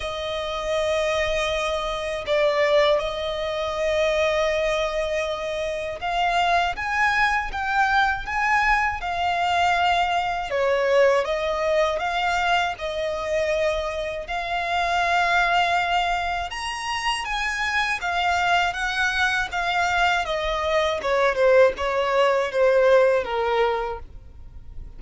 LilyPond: \new Staff \with { instrumentName = "violin" } { \time 4/4 \tempo 4 = 80 dis''2. d''4 | dis''1 | f''4 gis''4 g''4 gis''4 | f''2 cis''4 dis''4 |
f''4 dis''2 f''4~ | f''2 ais''4 gis''4 | f''4 fis''4 f''4 dis''4 | cis''8 c''8 cis''4 c''4 ais'4 | }